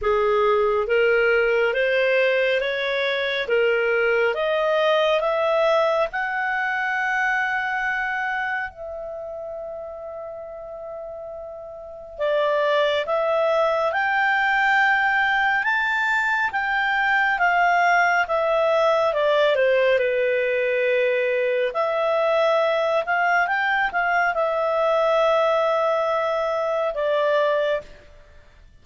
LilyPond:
\new Staff \with { instrumentName = "clarinet" } { \time 4/4 \tempo 4 = 69 gis'4 ais'4 c''4 cis''4 | ais'4 dis''4 e''4 fis''4~ | fis''2 e''2~ | e''2 d''4 e''4 |
g''2 a''4 g''4 | f''4 e''4 d''8 c''8 b'4~ | b'4 e''4. f''8 g''8 f''8 | e''2. d''4 | }